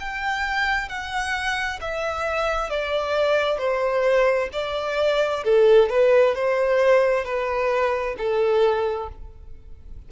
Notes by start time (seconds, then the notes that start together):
0.00 G5
0.88 F#5
1.81 E5
2.70 D5
3.58 C5
4.53 D5
5.45 A4
5.90 B4
6.35 C5
7.25 B4
8.18 A4